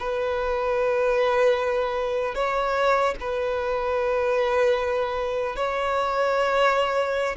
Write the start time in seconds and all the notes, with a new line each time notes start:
0.00 B4
2.35 C#5
3.20 B4
5.56 C#5